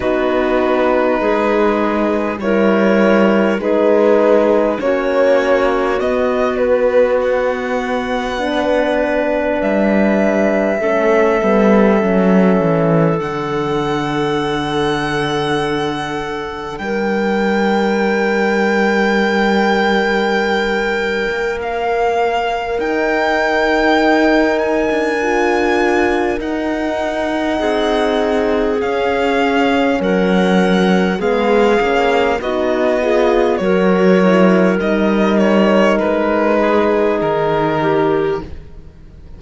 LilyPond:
<<
  \new Staff \with { instrumentName = "violin" } { \time 4/4 \tempo 4 = 50 b'2 cis''4 b'4 | cis''4 dis''8 b'8 fis''2 | e''2. fis''4~ | fis''2 g''2~ |
g''2 f''4 g''4~ | g''8 gis''4. fis''2 | f''4 fis''4 f''4 dis''4 | cis''4 dis''8 cis''8 b'4 ais'4 | }
  \new Staff \with { instrumentName = "clarinet" } { \time 4/4 fis'4 gis'4 ais'4 gis'4 | fis'2. b'4~ | b'4 a'2.~ | a'2 ais'2~ |
ais'1~ | ais'2. gis'4~ | gis'4 ais'4 gis'4 fis'8 gis'8 | ais'2~ ais'8 gis'4 g'8 | }
  \new Staff \with { instrumentName = "horn" } { \time 4/4 dis'2 e'4 dis'4 | cis'4 b2 d'4~ | d'4 cis'8 b8 cis'4 d'4~ | d'1~ |
d'2. dis'4~ | dis'4 f'4 dis'2 | cis'2 b8 cis'8 dis'8 f'8 | fis'8 e'8 dis'2. | }
  \new Staff \with { instrumentName = "cello" } { \time 4/4 b4 gis4 g4 gis4 | ais4 b2. | g4 a8 g8 fis8 e8 d4~ | d2 g2~ |
g4.~ g16 ais4~ ais16 dis'4~ | dis'8. d'4~ d'16 dis'4 c'4 | cis'4 fis4 gis8 ais8 b4 | fis4 g4 gis4 dis4 | }
>>